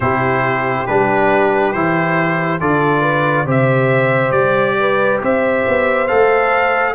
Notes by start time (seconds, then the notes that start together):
0.00 C3 E4 G4 C5
0.86 G3 D4 B4
1.72 E3 E4 C5
2.60 D3 F4 A4 D5
3.01 B4
3.46 C3 G4 C5 E5
4.31 G3 D5
4.79 B4
5.21 C4 C5 E5
5.68 B3
6.07 A3 A4 F5